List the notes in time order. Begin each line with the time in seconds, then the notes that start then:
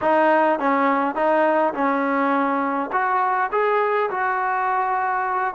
0.01 D#4
0.59 C#4
1.15 D#4
1.73 C#4
2.92 F#4
3.51 G#4
4.10 F#4